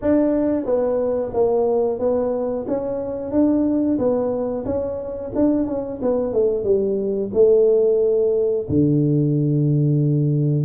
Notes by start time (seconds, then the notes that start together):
0.01 D4
0.65 B3
1.33 A#3
1.99 B3
2.67 C#4
3.31 D4
3.98 B3
4.65 C#4
5.35 D4
5.67 C#4
6.02 B3
6.33 A3
6.64 G3
7.33 A3
8.69 D3